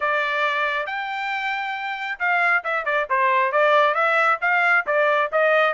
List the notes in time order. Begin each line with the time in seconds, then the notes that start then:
0.00 D5
0.86 G5
2.19 F5
2.64 E5
2.85 D5
3.09 C5
3.52 D5
3.94 E5
4.41 F5
4.86 D5
5.31 D#5